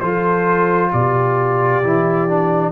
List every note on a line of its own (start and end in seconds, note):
0.00 0.92 F3
0.00 1.83 F4
0.00 0.91 A4
0.00 0.91 C5
0.92 1.84 B2
0.92 2.71 G4
0.92 2.71 D5
1.84 2.71 E3
1.84 2.28 E4
2.28 2.71 D4